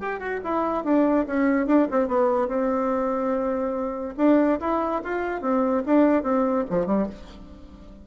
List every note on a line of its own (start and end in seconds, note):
0.00 0.20 G4
0.20 0.41 F#4
0.44 0.84 E4
0.84 1.26 D4
1.27 1.67 C#4
1.67 1.88 D4
1.91 2.08 C4
2.08 2.48 B3
2.48 4.15 C4
4.17 4.59 D4
4.60 5.02 E4
5.04 5.42 F4
5.42 5.83 C4
5.86 6.23 D4
6.23 6.65 C4
6.70 6.86 F3
6.86 7.07 G3